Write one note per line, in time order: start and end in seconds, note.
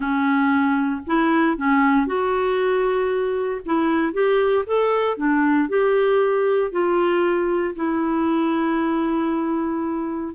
0.00 1.01 C#4
1.06 1.57 E4
1.57 2.06 C#4
2.06 3.61 F#4
3.65 4.13 E4
4.13 4.65 G4
4.66 5.17 A4
5.17 5.68 D4
5.68 6.71 G4
6.71 7.74 F4
7.75 10.34 E4